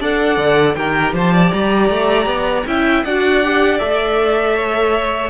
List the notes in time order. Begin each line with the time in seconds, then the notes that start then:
0.00 D4 A4 D5 F#5
0.37 D3
0.75 D#3 G4 A#4 G5
1.13 F3 C5 A5
1.34 D5
1.53 G3 A#5
1.90 A3
2.26 B3
2.66 C#4 E4 E5 G5
3.05 D4 F#4 D5 F#5
3.44 G4
3.79 A3 A4 E5
4.56 C#5